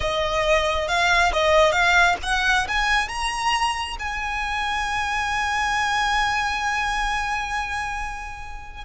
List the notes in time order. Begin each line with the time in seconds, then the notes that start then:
0.00 D#5
0.87 F5
1.32 D#5
1.71 F5
2.23 F#5
2.68 G#5
3.08 A#5
3.99 G#5